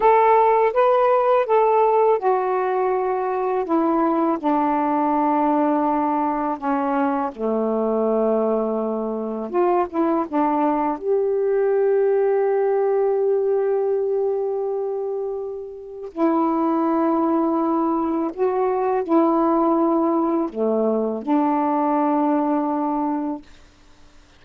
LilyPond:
\new Staff \with { instrumentName = "saxophone" } { \time 4/4 \tempo 4 = 82 a'4 b'4 a'4 fis'4~ | fis'4 e'4 d'2~ | d'4 cis'4 a2~ | a4 f'8 e'8 d'4 g'4~ |
g'1~ | g'2 e'2~ | e'4 fis'4 e'2 | a4 d'2. | }